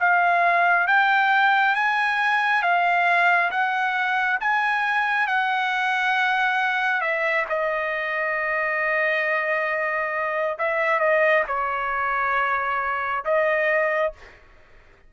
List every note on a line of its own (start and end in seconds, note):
0.00 0.87 F5
0.87 1.75 G5
1.75 2.62 G#5
2.62 3.51 F5
3.51 4.39 F#5
4.40 5.27 G#5
5.27 7.01 F#5
7.01 7.45 E5
7.49 10.58 D#5
10.58 10.99 E5
10.99 11.43 D#5
11.47 13.24 C#5
13.24 14.13 D#5